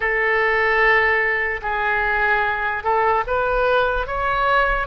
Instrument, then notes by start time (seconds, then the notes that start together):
oboe
0.00 A4
1.62 G#4
2.83 A4
3.27 B4
4.06 C#5